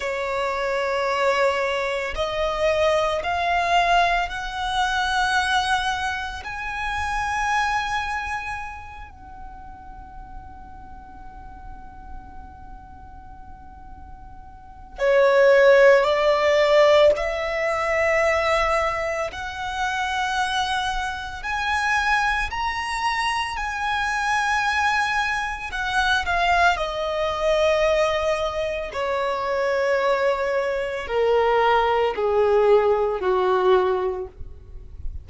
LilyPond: \new Staff \with { instrumentName = "violin" } { \time 4/4 \tempo 4 = 56 cis''2 dis''4 f''4 | fis''2 gis''2~ | gis''8 fis''2.~ fis''8~ | fis''2 cis''4 d''4 |
e''2 fis''2 | gis''4 ais''4 gis''2 | fis''8 f''8 dis''2 cis''4~ | cis''4 ais'4 gis'4 fis'4 | }